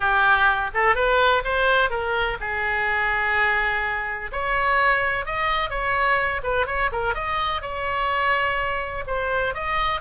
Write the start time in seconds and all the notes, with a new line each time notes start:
0.00 G4
0.73 A4
0.95 B4
1.44 C5
1.89 A#4
2.40 G#4
4.31 C#5
5.25 D#5
5.69 C#5
6.43 B4
6.66 C#5
6.92 A#4
7.14 D#5
7.61 C#5
9.06 C5
9.54 D#5